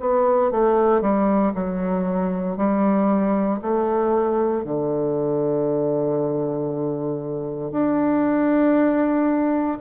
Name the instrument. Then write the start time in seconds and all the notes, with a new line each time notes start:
bassoon
0.00 B3
0.51 A3
1.01 G3
1.54 F#3
2.57 G3
3.62 A3
4.64 D3
7.71 D4